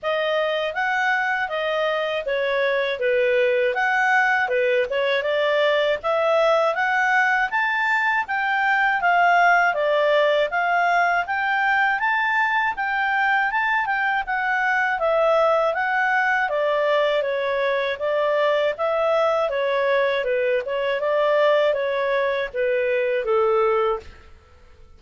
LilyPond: \new Staff \with { instrumentName = "clarinet" } { \time 4/4 \tempo 4 = 80 dis''4 fis''4 dis''4 cis''4 | b'4 fis''4 b'8 cis''8 d''4 | e''4 fis''4 a''4 g''4 | f''4 d''4 f''4 g''4 |
a''4 g''4 a''8 g''8 fis''4 | e''4 fis''4 d''4 cis''4 | d''4 e''4 cis''4 b'8 cis''8 | d''4 cis''4 b'4 a'4 | }